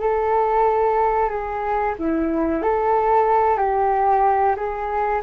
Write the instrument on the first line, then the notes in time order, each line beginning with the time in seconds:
flute
0.00 A4
1.30 G#4
1.99 E4
2.62 A4
3.58 G4
4.56 G#4